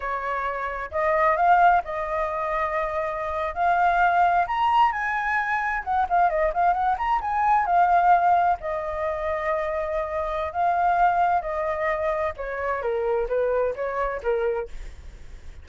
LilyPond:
\new Staff \with { instrumentName = "flute" } { \time 4/4 \tempo 4 = 131 cis''2 dis''4 f''4 | dis''2.~ dis''8. f''16~ | f''4.~ f''16 ais''4 gis''4~ gis''16~ | gis''8. fis''8 f''8 dis''8 f''8 fis''8 ais''8 gis''16~ |
gis''8. f''2 dis''4~ dis''16~ | dis''2. f''4~ | f''4 dis''2 cis''4 | ais'4 b'4 cis''4 ais'4 | }